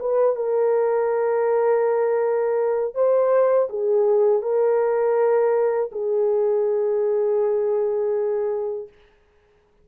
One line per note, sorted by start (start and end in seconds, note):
0.00 0.36 B4
0.36 2.95 A#4
2.95 3.69 C5
3.70 4.43 G#4
4.43 5.91 A#4
5.92 8.89 G#4